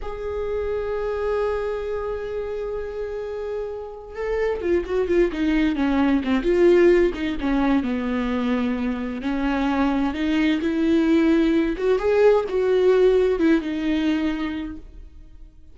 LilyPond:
\new Staff \with { instrumentName = "viola" } { \time 4/4 \tempo 4 = 130 gis'1~ | gis'1~ | gis'4 a'4 f'8 fis'8 f'8 dis'8~ | dis'8 cis'4 c'8 f'4. dis'8 |
cis'4 b2. | cis'2 dis'4 e'4~ | e'4. fis'8 gis'4 fis'4~ | fis'4 e'8 dis'2~ dis'8 | }